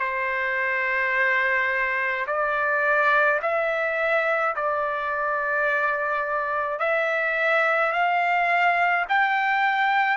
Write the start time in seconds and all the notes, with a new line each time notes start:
0.00 C5
2.27 D5
3.42 E5
4.56 D5
6.80 E5
7.93 F5
9.09 G5